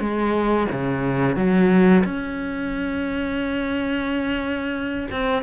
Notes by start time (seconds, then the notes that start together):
0.00 G#3
0.72 C#3
1.36 F#3
2.04 C#4
5.11 C4